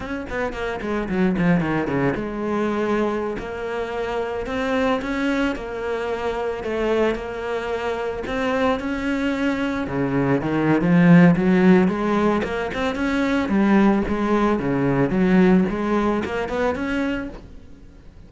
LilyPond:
\new Staff \with { instrumentName = "cello" } { \time 4/4 \tempo 4 = 111 cis'8 b8 ais8 gis8 fis8 f8 dis8 cis8 | gis2~ gis16 ais4.~ ais16~ | ais16 c'4 cis'4 ais4.~ ais16~ | ais16 a4 ais2 c'8.~ |
c'16 cis'2 cis4 dis8. | f4 fis4 gis4 ais8 c'8 | cis'4 g4 gis4 cis4 | fis4 gis4 ais8 b8 cis'4 | }